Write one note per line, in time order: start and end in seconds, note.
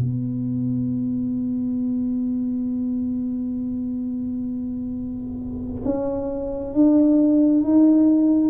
0.00 5.82 B3
5.85 6.74 C#4
6.74 7.64 D4
7.64 8.50 D#4